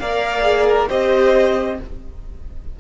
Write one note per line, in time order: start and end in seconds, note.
0.00 0.90 A#3
0.00 0.42 A#4
0.00 0.89 D5
0.00 0.67 F5
0.42 0.87 G#4
0.68 0.90 A#4
0.89 1.80 C4
0.89 1.79 G4
0.89 1.79 C5
0.89 1.80 D#5